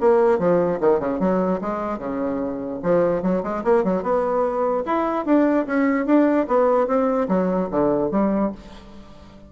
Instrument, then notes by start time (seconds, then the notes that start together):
bassoon
0.00 A#3
0.38 F3
0.80 D#3
0.99 C#3
1.19 F#3
1.61 G#3
1.98 C#3
2.82 F3
3.22 F#3
3.43 G#3
3.64 A#3
3.84 F#3
4.02 B3
4.85 E4
5.25 D4
5.66 C#4
6.06 D4
6.47 B3
6.87 C4
7.28 F#3
7.70 D3
8.11 G3